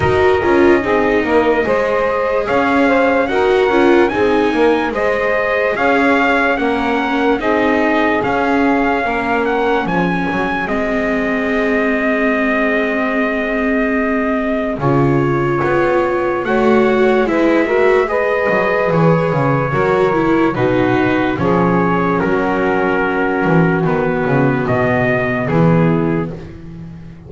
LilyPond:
<<
  \new Staff \with { instrumentName = "trumpet" } { \time 4/4 \tempo 4 = 73 dis''2. f''4 | fis''4 gis''4 dis''4 f''4 | fis''4 dis''4 f''4. fis''8 | gis''4 dis''2.~ |
dis''2 cis''2 | fis''4 e''4 dis''4 cis''4~ | cis''4 b'4 cis''4 ais'4~ | ais'4 b'4 dis''4 gis'4 | }
  \new Staff \with { instrumentName = "saxophone" } { \time 4/4 ais'4 gis'8 ais'8 c''4 cis''8 c''8 | ais'4 gis'8 ais'8 c''4 cis''4 | ais'4 gis'2 ais'4 | gis'1~ |
gis'1 | cis''4 b'8 ais'8 b'2 | ais'4 fis'4 gis'4 fis'4~ | fis'2. e'4 | }
  \new Staff \with { instrumentName = "viola" } { \time 4/4 fis'8 f'8 dis'4 gis'2 | fis'8 f'8 dis'4 gis'2 | cis'4 dis'4 cis'2~ | cis'4 c'2.~ |
c'2 f'2 | fis'4 e'8 fis'8 gis'2 | fis'8 e'8 dis'4 cis'2~ | cis'4 b2. | }
  \new Staff \with { instrumentName = "double bass" } { \time 4/4 dis'8 cis'8 c'8 ais8 gis4 cis'4 | dis'8 cis'8 c'8 ais8 gis4 cis'4 | ais4 c'4 cis'4 ais4 | f8 fis8 gis2.~ |
gis2 cis4 b4 | a4 gis4. fis8 e8 cis8 | fis4 b,4 f4 fis4~ | fis8 e8 dis8 cis8 b,4 e4 | }
>>